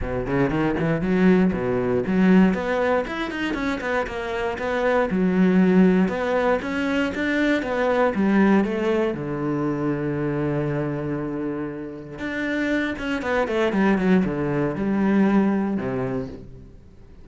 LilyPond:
\new Staff \with { instrumentName = "cello" } { \time 4/4 \tempo 4 = 118 b,8 cis8 dis8 e8 fis4 b,4 | fis4 b4 e'8 dis'8 cis'8 b8 | ais4 b4 fis2 | b4 cis'4 d'4 b4 |
g4 a4 d2~ | d1 | d'4. cis'8 b8 a8 g8 fis8 | d4 g2 c4 | }